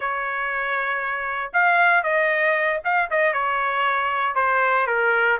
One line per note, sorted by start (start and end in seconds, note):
0.00 1.51 C#5
1.53 2.03 F5
2.03 2.80 D#5
2.84 3.10 F5
3.10 3.33 D#5
3.33 4.35 C#5
4.35 4.86 C5
4.86 5.38 A#4